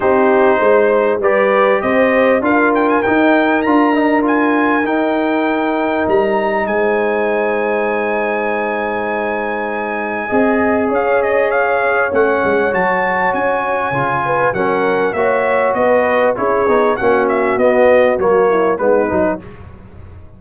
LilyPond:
<<
  \new Staff \with { instrumentName = "trumpet" } { \time 4/4 \tempo 4 = 99 c''2 d''4 dis''4 | f''8 g''16 gis''16 g''4 ais''4 gis''4 | g''2 ais''4 gis''4~ | gis''1~ |
gis''2 f''8 dis''8 f''4 | fis''4 a''4 gis''2 | fis''4 e''4 dis''4 cis''4 | fis''8 e''8 dis''4 cis''4 b'4 | }
  \new Staff \with { instrumentName = "horn" } { \time 4/4 g'4 c''4 b'4 c''4 | ais'1~ | ais'2. c''4~ | c''1~ |
c''4 dis''4 cis''2~ | cis''2.~ cis''8 b'8 | ais'4 cis''4 b'4 gis'4 | fis'2~ fis'8 e'8 dis'4 | }
  \new Staff \with { instrumentName = "trombone" } { \time 4/4 dis'2 g'2 | f'4 dis'4 f'8 dis'8 f'4 | dis'1~ | dis'1~ |
dis'4 gis'2. | cis'4 fis'2 f'4 | cis'4 fis'2 e'8 dis'8 | cis'4 b4 ais4 b8 dis'8 | }
  \new Staff \with { instrumentName = "tuba" } { \time 4/4 c'4 gis4 g4 c'4 | d'4 dis'4 d'2 | dis'2 g4 gis4~ | gis1~ |
gis4 c'4 cis'2 | a8 gis8 fis4 cis'4 cis4 | fis4 ais4 b4 cis'8 b8 | ais4 b4 fis4 gis8 fis8 | }
>>